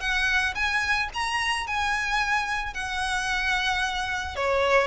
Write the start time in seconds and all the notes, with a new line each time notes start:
0.00 F#5
0.55 G#5
1.14 A#5
1.67 G#5
2.73 F#5
4.36 C#5